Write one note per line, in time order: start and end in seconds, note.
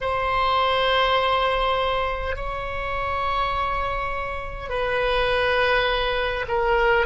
0.00 2.35 C5
2.35 4.68 C#5
4.68 6.45 B4
6.48 7.06 A#4